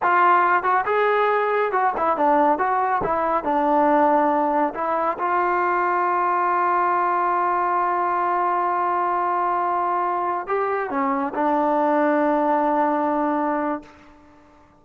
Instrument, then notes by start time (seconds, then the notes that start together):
trombone
0.02 F4
0.63 F#4
0.85 G#4
1.71 F#4
1.97 E4
2.16 D4
2.58 F#4
3.03 E4
3.44 D4
4.74 E4
5.18 F4
10.47 G4
10.90 C#4
11.34 D4